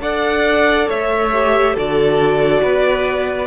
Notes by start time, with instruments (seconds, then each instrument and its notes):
0.00 cello D4, viola A4, violin D5 F#5
0.88 cello A3, violin C#5 E5
1.32 viola G4
1.74 cello D3, viola F#4, violin A4 D5
2.62 cello B3, violin B4